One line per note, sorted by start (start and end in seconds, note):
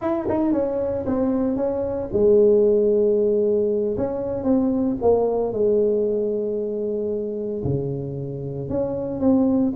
0.01 0.27 E4
0.28 0.52 D#4
0.52 1.05 C#4
1.06 1.56 C4
1.56 2.08 C#4
2.12 3.96 G#3
3.97 4.43 C#4
4.43 4.96 C4
5.01 5.52 A#3
5.52 7.63 G#3
7.64 8.69 C#3
8.69 9.20 C#4
9.20 9.72 C4